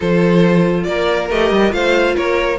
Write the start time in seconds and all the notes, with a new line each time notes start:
0.00 F3 F4 A4 C5
0.83 A#3 A#4 D5
1.30 A3 G4 D#5
1.50 G3
1.70 A3 F4 C5 F5
2.15 A#3 A#4 C#5